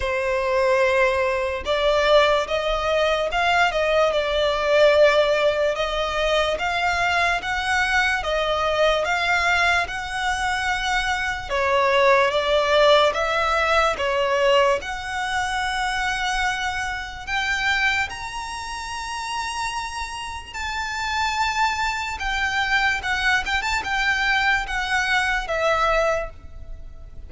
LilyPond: \new Staff \with { instrumentName = "violin" } { \time 4/4 \tempo 4 = 73 c''2 d''4 dis''4 | f''8 dis''8 d''2 dis''4 | f''4 fis''4 dis''4 f''4 | fis''2 cis''4 d''4 |
e''4 cis''4 fis''2~ | fis''4 g''4 ais''2~ | ais''4 a''2 g''4 | fis''8 g''16 a''16 g''4 fis''4 e''4 | }